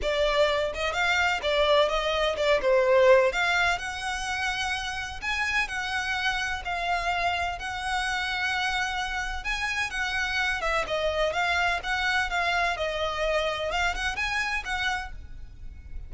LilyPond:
\new Staff \with { instrumentName = "violin" } { \time 4/4 \tempo 4 = 127 d''4. dis''8 f''4 d''4 | dis''4 d''8 c''4. f''4 | fis''2. gis''4 | fis''2 f''2 |
fis''1 | gis''4 fis''4. e''8 dis''4 | f''4 fis''4 f''4 dis''4~ | dis''4 f''8 fis''8 gis''4 fis''4 | }